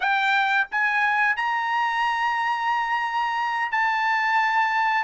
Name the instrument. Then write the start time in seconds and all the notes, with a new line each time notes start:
trumpet
0.00 G5
0.71 G#5
1.36 A#5
3.71 A5